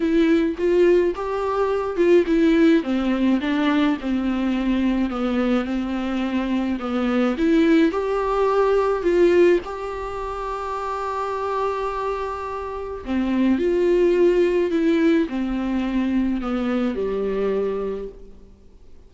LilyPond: \new Staff \with { instrumentName = "viola" } { \time 4/4 \tempo 4 = 106 e'4 f'4 g'4. f'8 | e'4 c'4 d'4 c'4~ | c'4 b4 c'2 | b4 e'4 g'2 |
f'4 g'2.~ | g'2. c'4 | f'2 e'4 c'4~ | c'4 b4 g2 | }